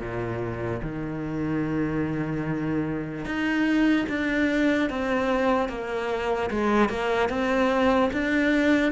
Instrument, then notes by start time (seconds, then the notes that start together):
cello
0.00 A#2
0.83 D#3
3.25 D#4
4.09 D4
4.90 C4
5.69 A#3
6.50 G#3
6.90 A#3
7.29 C4
8.13 D4